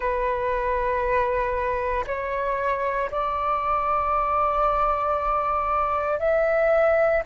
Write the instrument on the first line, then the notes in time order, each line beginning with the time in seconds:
flute
0.00 B4
2.06 C#5
3.10 D5
6.19 E5